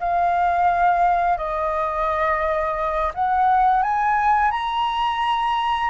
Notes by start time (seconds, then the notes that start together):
0.00 F5
1.38 D#5
3.15 F#5
3.83 G#5
4.51 A#5